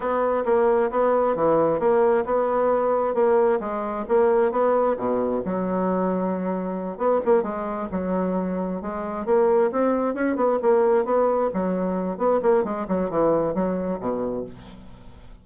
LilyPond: \new Staff \with { instrumentName = "bassoon" } { \time 4/4 \tempo 4 = 133 b4 ais4 b4 e4 | ais4 b2 ais4 | gis4 ais4 b4 b,4 | fis2.~ fis8 b8 |
ais8 gis4 fis2 gis8~ | gis8 ais4 c'4 cis'8 b8 ais8~ | ais8 b4 fis4. b8 ais8 | gis8 fis8 e4 fis4 b,4 | }